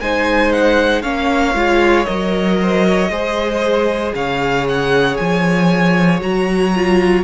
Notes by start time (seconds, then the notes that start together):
0.00 G#3 D#4 C5 G#5
0.52 F#5
1.02 A#3 C#4 C#5 F5
1.54 G#3 F4
2.05 F#3 A#4 D#5
2.61 C5
2.86 C#5
3.09 G#3 G#4 C5
4.14 C#3 C#5 F5
4.68 F#5
5.16 F3 G#5
6.20 F#3 F#4 A#5
6.75 F4